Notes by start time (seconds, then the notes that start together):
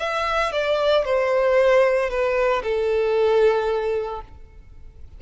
0.00 E5
0.53 D5
1.05 C5
2.10 B4
2.64 A4